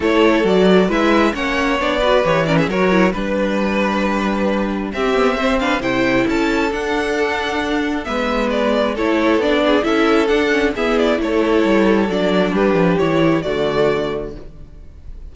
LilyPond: <<
  \new Staff \with { instrumentName = "violin" } { \time 4/4 \tempo 4 = 134 cis''4 d''4 e''4 fis''4 | d''4 cis''8 d''16 e''16 cis''4 b'4~ | b'2. e''4~ | e''8 f''8 g''4 a''4 fis''4~ |
fis''2 e''4 d''4 | cis''4 d''4 e''4 fis''4 | e''8 d''8 cis''2 d''4 | b'4 cis''4 d''2 | }
  \new Staff \with { instrumentName = "violin" } { \time 4/4 a'2 b'4 cis''4~ | cis''8 b'4 ais'16 gis'16 ais'4 b'4~ | b'2. g'4 | c''8 b'8 c''4 a'2~ |
a'2 b'2 | a'4. gis'8 a'2 | gis'4 a'2. | g'2 fis'2 | }
  \new Staff \with { instrumentName = "viola" } { \time 4/4 e'4 fis'4 e'4 cis'4 | d'8 fis'8 g'8 cis'8 fis'8 e'8 d'4~ | d'2. c'8 b8 | c'8 d'8 e'2 d'4~ |
d'2 b2 | e'4 d'4 e'4 d'8 cis'8 | b4 e'2 d'4~ | d'4 e'4 a2 | }
  \new Staff \with { instrumentName = "cello" } { \time 4/4 a4 fis4 gis4 ais4 | b4 e4 fis4 g4~ | g2. c'4~ | c'4 c4 cis'4 d'4~ |
d'2 gis2 | a4 b4 cis'4 d'4 | e'4 a4 g4 fis4 | g8 f8 e4 d2 | }
>>